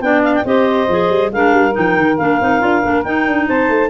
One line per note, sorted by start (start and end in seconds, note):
0.00 0.43 B3
0.00 0.45 D4
0.00 0.46 D5
0.00 0.22 G5
0.24 0.34 F5
0.35 0.46 G5
0.45 0.88 C4
0.45 0.88 G4
0.45 1.32 C5
0.45 1.32 D#5
0.88 1.09 F3
0.88 1.33 G#4
1.09 1.31 G3
1.31 1.53 G#3
1.31 1.72 D4
1.31 3.48 A#4
1.31 1.75 F5
1.53 1.74 G3
1.72 2.15 D#4
1.72 2.18 G5
1.78 1.97 F3
1.97 2.19 D#3
2.18 2.40 A#3
2.18 2.41 D4
2.18 3.03 F5
2.41 2.61 C4
2.41 2.60 D#4
2.60 2.83 D4
2.60 2.82 F4
2.82 3.05 A#3
2.82 3.04 D4
3.03 3.90 D#4
3.03 3.27 D#4
3.03 3.47 G5
3.27 3.48 D4
3.48 3.69 C4
3.48 3.90 C5
3.48 3.90 A5
3.69 3.90 A3